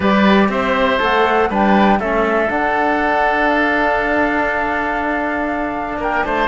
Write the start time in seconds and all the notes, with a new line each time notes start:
0.00 G3 G4 B4 D5
0.49 C4 C5 E5
0.99 A3 A4 F#5
1.49 G3 D4 B4 G5
1.99 A3 C#4 A4 E5
2.49 D4 F#5
3.49 F5
5.97 A#3 A#4 G5
6.24 A3 C5 A5